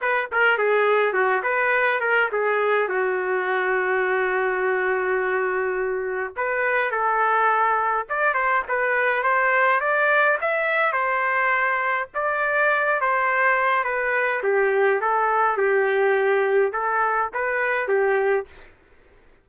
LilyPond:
\new Staff \with { instrumentName = "trumpet" } { \time 4/4 \tempo 4 = 104 b'8 ais'8 gis'4 fis'8 b'4 ais'8 | gis'4 fis'2.~ | fis'2. b'4 | a'2 d''8 c''8 b'4 |
c''4 d''4 e''4 c''4~ | c''4 d''4. c''4. | b'4 g'4 a'4 g'4~ | g'4 a'4 b'4 g'4 | }